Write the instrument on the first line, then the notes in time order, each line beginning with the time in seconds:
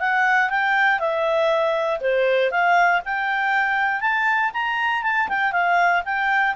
clarinet
0.00 F#5
0.50 G5
1.00 E5
2.01 C5
2.51 F5
3.05 G5
4.01 A5
4.53 A#5
5.03 A5
5.29 G5
5.52 F5
6.05 G5